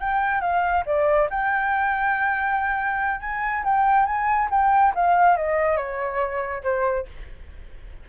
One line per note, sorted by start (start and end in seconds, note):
0.00 0.41 G5
0.41 0.84 F5
0.86 1.29 D5
1.30 3.20 G5
3.20 3.63 G#5
3.64 4.06 G5
4.06 4.49 G#5
4.50 4.93 G5
4.95 5.36 F5
5.36 5.77 D#5
5.77 6.63 C#5
6.63 7.06 C5